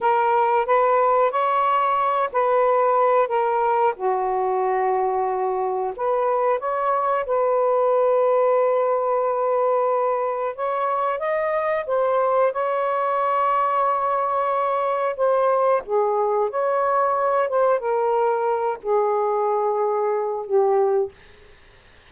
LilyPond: \new Staff \with { instrumentName = "saxophone" } { \time 4/4 \tempo 4 = 91 ais'4 b'4 cis''4. b'8~ | b'4 ais'4 fis'2~ | fis'4 b'4 cis''4 b'4~ | b'1 |
cis''4 dis''4 c''4 cis''4~ | cis''2. c''4 | gis'4 cis''4. c''8 ais'4~ | ais'8 gis'2~ gis'8 g'4 | }